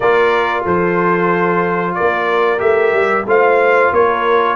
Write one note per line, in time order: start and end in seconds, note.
0.00 0.64 A#3
0.00 2.57 F4
0.00 0.64 A#4
0.00 0.64 D5
0.65 1.95 F3
0.65 1.95 A4
0.65 1.94 C5
1.94 3.27 A#4
1.94 2.59 D5
2.00 2.60 A#3
2.57 2.92 A3
2.57 3.23 G4
2.57 3.25 E5
2.92 3.24 G3
3.26 3.91 A3
3.26 4.56 F4
3.26 3.92 C5
3.26 3.93 F5
3.92 4.56 A#3
3.92 4.56 A#4
3.92 4.56 C#5